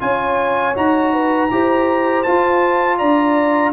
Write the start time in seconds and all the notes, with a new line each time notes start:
0.00 C#4 F4 C#5 G#5
0.75 D#4 F#4 A#5
1.14 B4
1.51 E4 G4 C5
2.23 F4 A5
2.99 D4 D5 A#5